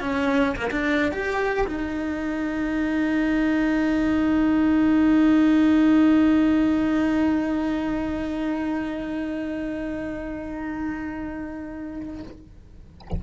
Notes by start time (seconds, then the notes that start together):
0.00 C#4
0.56 A#3
0.70 D4
1.11 G4
1.67 D#4